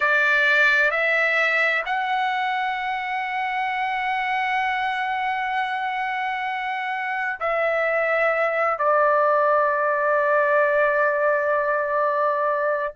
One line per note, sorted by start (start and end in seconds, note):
0.00 0.90 D5
0.90 1.83 E5
1.85 7.39 F#5
7.39 8.78 E5
8.78 12.93 D5